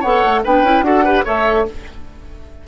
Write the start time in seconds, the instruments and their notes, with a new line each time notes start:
0.00 bassoon B3, clarinet A4, oboe C#5, flute F#5
0.24 bassoon A3
0.44 bassoon B3, clarinet D4, oboe B4, flute G5
0.63 bassoon C#4, clarinet E4
0.82 bassoon D4, clarinet F#4, oboe A4, flute F#5
1.04 clarinet G4, oboe B4
1.25 bassoon A3, clarinet A4, oboe C#5, flute E5